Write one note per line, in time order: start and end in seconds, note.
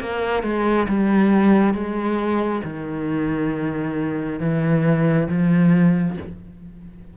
0.00 0.43 A#3
0.43 0.87 G#3
0.88 1.74 G3
1.74 2.62 G#3
2.64 4.40 D#3
4.40 5.28 E3
5.29 6.17 F3